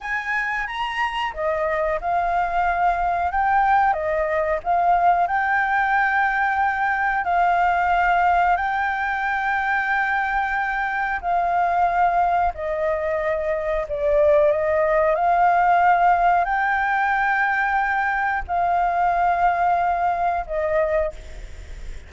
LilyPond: \new Staff \with { instrumentName = "flute" } { \time 4/4 \tempo 4 = 91 gis''4 ais''4 dis''4 f''4~ | f''4 g''4 dis''4 f''4 | g''2. f''4~ | f''4 g''2.~ |
g''4 f''2 dis''4~ | dis''4 d''4 dis''4 f''4~ | f''4 g''2. | f''2. dis''4 | }